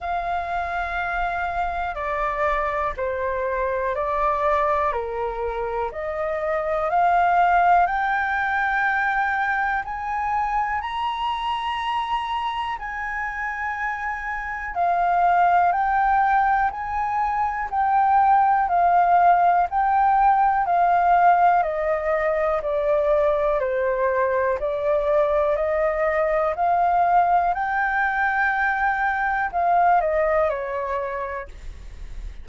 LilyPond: \new Staff \with { instrumentName = "flute" } { \time 4/4 \tempo 4 = 61 f''2 d''4 c''4 | d''4 ais'4 dis''4 f''4 | g''2 gis''4 ais''4~ | ais''4 gis''2 f''4 |
g''4 gis''4 g''4 f''4 | g''4 f''4 dis''4 d''4 | c''4 d''4 dis''4 f''4 | g''2 f''8 dis''8 cis''4 | }